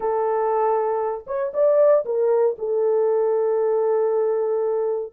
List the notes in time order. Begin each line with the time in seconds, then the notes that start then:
0.00 A4
1.26 C#5
1.53 D5
2.05 A#4
2.58 A4